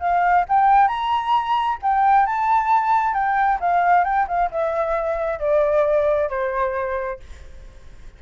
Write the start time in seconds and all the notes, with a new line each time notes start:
0.00 F5
0.49 G5
0.88 A#5
1.82 G5
2.26 A5
3.14 G5
3.60 F5
4.04 G5
4.28 F5
4.51 E5
5.39 D5
6.30 C5